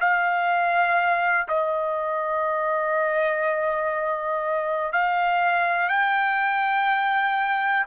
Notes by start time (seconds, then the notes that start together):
0.00 F5
1.48 D#5
4.93 F5
5.89 G5